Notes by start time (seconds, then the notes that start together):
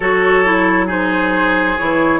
0.00 F#3 F#4 A4 C#5
0.45 E4
0.86 D#4 G#4 C5
1.78 E3 E4 C#5